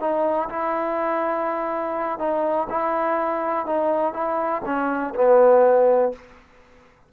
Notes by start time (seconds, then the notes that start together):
0.00 D#4
0.49 E4
2.19 D#4
2.69 E4
3.66 D#4
4.13 E4
4.65 C#4
5.15 B3